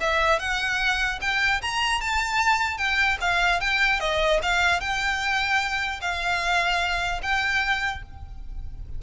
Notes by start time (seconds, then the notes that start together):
0.00 E5
0.39 F#5
1.21 G5
1.61 A#5
2.01 A5
2.77 G5
3.20 F5
3.60 G5
4.00 D#5
4.42 F5
4.80 G5
6.01 F5
7.22 G5